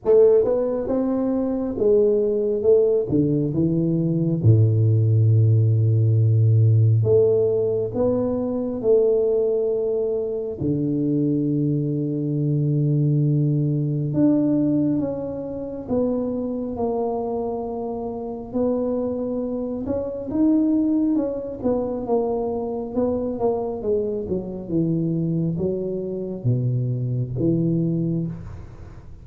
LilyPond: \new Staff \with { instrumentName = "tuba" } { \time 4/4 \tempo 4 = 68 a8 b8 c'4 gis4 a8 d8 | e4 a,2. | a4 b4 a2 | d1 |
d'4 cis'4 b4 ais4~ | ais4 b4. cis'8 dis'4 | cis'8 b8 ais4 b8 ais8 gis8 fis8 | e4 fis4 b,4 e4 | }